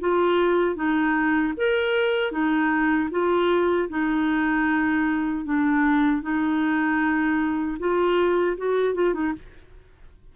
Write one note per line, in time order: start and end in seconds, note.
0.00 0.75 F4
0.75 1.53 D#4
1.57 2.32 A#4
2.32 3.10 D#4
3.11 3.89 F4
3.89 5.45 D#4
5.45 6.22 D4
6.22 7.78 D#4
7.79 8.57 F4
8.57 8.95 F#4
8.95 9.13 F4
9.13 9.33 D#4